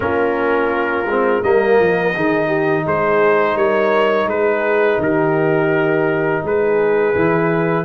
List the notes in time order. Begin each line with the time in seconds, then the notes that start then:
0.00 A#3 C#4 F4 A#4
1.05 G#3 C4
1.43 G3 A#3 A#4 D#5
1.79 F3
2.14 D#3 D#4 G#4
2.47 G4
2.85 G#3 G#4 C5
3.55 G3 A#4 C#5
4.26 G#3 G#4 B4
4.98 D#3 G4 A#4
6.43 G#3 G#4 B4
7.15 E3 E4